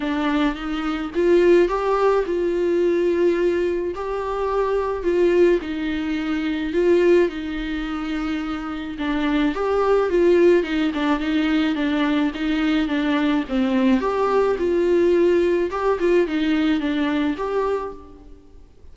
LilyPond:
\new Staff \with { instrumentName = "viola" } { \time 4/4 \tempo 4 = 107 d'4 dis'4 f'4 g'4 | f'2. g'4~ | g'4 f'4 dis'2 | f'4 dis'2. |
d'4 g'4 f'4 dis'8 d'8 | dis'4 d'4 dis'4 d'4 | c'4 g'4 f'2 | g'8 f'8 dis'4 d'4 g'4 | }